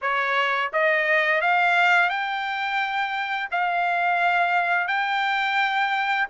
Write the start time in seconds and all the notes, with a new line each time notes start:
0.01 C#5
0.72 D#5
1.41 F5
2.09 G5
3.51 F5
4.87 G5